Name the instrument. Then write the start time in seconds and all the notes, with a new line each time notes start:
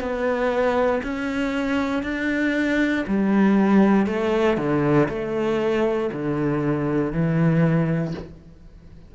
cello
0.00 B3
1.04 C#4
2.03 D4
3.07 G3
4.07 A3
4.58 D3
5.09 A3
6.12 D3
7.13 E3